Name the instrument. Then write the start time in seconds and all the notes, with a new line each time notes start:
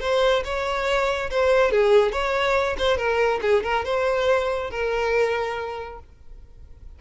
violin
0.00 C5
0.44 C#5
1.30 C5
1.71 G#4
2.12 C#5
2.78 C5
2.97 A#4
3.41 G#4
3.63 A#4
3.84 C5
4.70 A#4